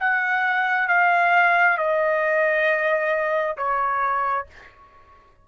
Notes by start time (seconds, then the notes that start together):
0.00 F#5
0.88 F5
1.77 D#5
3.57 C#5